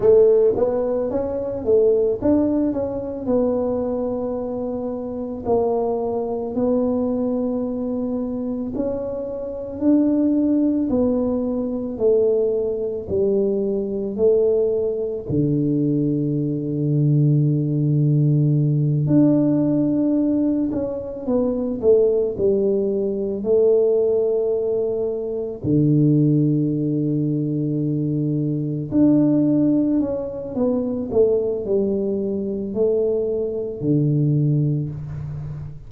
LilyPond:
\new Staff \with { instrumentName = "tuba" } { \time 4/4 \tempo 4 = 55 a8 b8 cis'8 a8 d'8 cis'8 b4~ | b4 ais4 b2 | cis'4 d'4 b4 a4 | g4 a4 d2~ |
d4. d'4. cis'8 b8 | a8 g4 a2 d8~ | d2~ d8 d'4 cis'8 | b8 a8 g4 a4 d4 | }